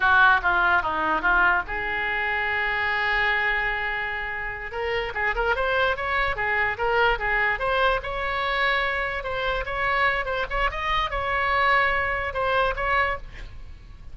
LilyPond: \new Staff \with { instrumentName = "oboe" } { \time 4/4 \tempo 4 = 146 fis'4 f'4 dis'4 f'4 | gis'1~ | gis'2.~ gis'8 ais'8~ | ais'8 gis'8 ais'8 c''4 cis''4 gis'8~ |
gis'8 ais'4 gis'4 c''4 cis''8~ | cis''2~ cis''8 c''4 cis''8~ | cis''4 c''8 cis''8 dis''4 cis''4~ | cis''2 c''4 cis''4 | }